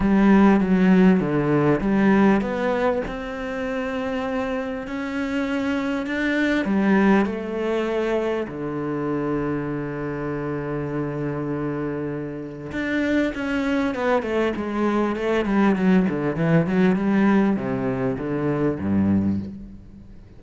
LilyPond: \new Staff \with { instrumentName = "cello" } { \time 4/4 \tempo 4 = 99 g4 fis4 d4 g4 | b4 c'2. | cis'2 d'4 g4 | a2 d2~ |
d1~ | d4 d'4 cis'4 b8 a8 | gis4 a8 g8 fis8 d8 e8 fis8 | g4 c4 d4 g,4 | }